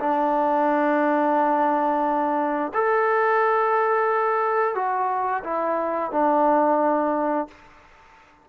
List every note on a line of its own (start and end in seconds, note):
0.00 2.73 D4
2.74 4.75 A4
4.75 5.44 F#4
5.45 6.12 E4
6.12 7.48 D4